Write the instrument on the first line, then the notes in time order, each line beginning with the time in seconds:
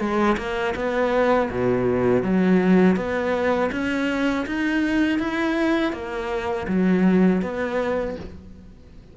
cello
0.00 G#3
0.38 A#3
0.76 B3
1.51 B2
2.23 F#3
2.97 B3
3.72 C#4
4.47 D#4
5.19 E4
5.93 A#3
6.68 F#3
7.42 B3